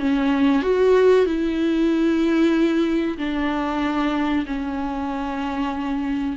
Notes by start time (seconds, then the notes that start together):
0.00 C#4
0.63 F#4
1.26 E4
3.18 D4
4.47 C#4